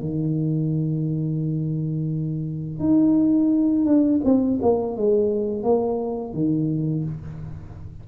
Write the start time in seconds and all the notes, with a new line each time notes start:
0.00 D#3
2.79 D#4
3.85 D4
4.24 C4
4.62 A#3
4.97 G#3
5.63 A#3
6.34 D#3